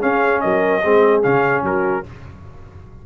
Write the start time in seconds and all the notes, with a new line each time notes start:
0.00 C#4 G#4 F5
0.40 F#3 A#4 D#5
0.83 G#3 C4 G#4
1.22 C#3 C#4 F5
1.62 F#3 F#4 A#4